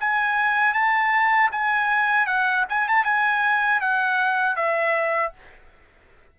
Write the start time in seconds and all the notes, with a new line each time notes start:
0.00 G#5
0.73 A5
1.51 G#5
2.27 F#5
2.69 G#5
2.88 A5
3.05 G#5
3.81 F#5
4.56 E5